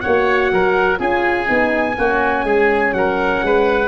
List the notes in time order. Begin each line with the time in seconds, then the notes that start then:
0.00 A#3 F#4 C#5 F#5
0.51 F#3 A#4
0.97 C#4 F4 G#4 G#5
1.45 B3 D#4
1.97 A#3 C#4 F#4
2.43 G#3 G#4
2.92 F#3 A#4 F#5
3.42 G#3 B4